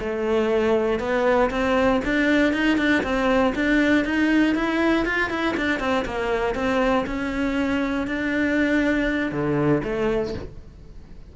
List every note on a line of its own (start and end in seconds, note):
0.00 1.00 A3
1.00 1.50 B3
1.51 2.01 C4
2.05 2.53 D4
2.53 2.78 D#4
2.78 3.03 D4
3.03 3.54 C4
3.55 4.05 D4
4.05 4.55 D#4
4.55 5.06 E4
5.06 5.30 F4
5.30 5.56 E4
5.57 5.80 D4
5.80 6.05 C4
6.05 6.55 A#3
6.55 7.06 C4
7.07 8.07 C#4
8.07 9.32 D4
9.32 9.82 D3
9.84 10.34 A3